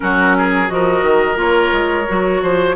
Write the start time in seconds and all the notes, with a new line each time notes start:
0.00 F#3 C#4 F#4 A#4
0.38 G#4
0.67 F3 F#4 D#5
0.73 A#4
1.02 D#3
1.35 A#3 F4 C#5
1.72 G#3
2.08 F#3 F#4
2.42 F3 C5